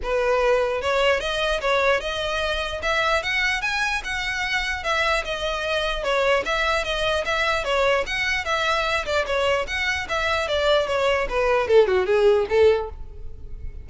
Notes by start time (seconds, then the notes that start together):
0.02 B4
0.81 C#5
1.20 D#5
1.60 C#5
2.00 D#5
2.82 E5
3.22 F#5
3.61 G#5
4.04 F#5
4.83 E5
5.24 D#5
6.03 C#5
6.45 E5
6.84 D#5
7.25 E5
7.64 C#5
8.06 F#5
8.44 E5
9.05 D5
9.26 C#5
9.67 F#5
10.09 E5
10.48 D5
10.87 C#5
11.29 B4
11.67 A4
11.87 F#4
12.05 G#4
12.49 A4